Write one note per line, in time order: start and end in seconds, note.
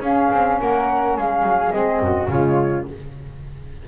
0.00 0.29 C#4
0.00 1.71 C#4
0.00 0.57 G#4
0.00 0.60 F5
0.32 0.60 C4
0.60 1.17 A#3
0.60 1.17 A#4
0.60 1.17 F#5
1.17 1.43 G#3
1.17 2.02 G#4
1.17 1.71 F5
1.43 1.71 F#3
1.71 2.00 G#3
1.71 2.27 C4
1.71 2.28 D#5
2.00 2.27 F#2
2.00 2.31 F#4
2.27 2.84 C#3
2.27 2.88 G#3
2.27 2.87 F4
2.27 2.85 C#5